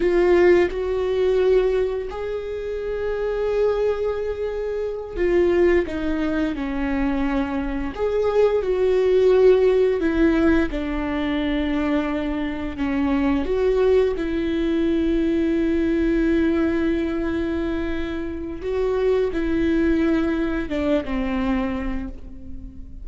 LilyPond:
\new Staff \with { instrumentName = "viola" } { \time 4/4 \tempo 4 = 87 f'4 fis'2 gis'4~ | gis'2.~ gis'8 f'8~ | f'8 dis'4 cis'2 gis'8~ | gis'8 fis'2 e'4 d'8~ |
d'2~ d'8 cis'4 fis'8~ | fis'8 e'2.~ e'8~ | e'2. fis'4 | e'2 d'8 c'4. | }